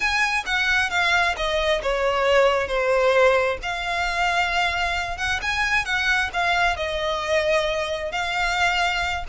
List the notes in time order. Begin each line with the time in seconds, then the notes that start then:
0.00 G#5
0.46 F#5
0.90 F5
1.36 D#5
1.82 C#5
2.67 C5
3.62 F5
5.17 F#5
5.42 G#5
5.85 F#5
6.33 F5
6.76 D#5
8.11 F5